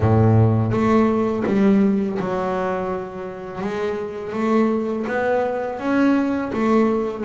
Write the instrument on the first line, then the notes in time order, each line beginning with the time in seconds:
double bass
0.00 A2
0.71 A3
1.46 G3
2.19 F#3
3.61 G#3
4.32 A3
5.07 B3
5.79 C#4
6.52 A3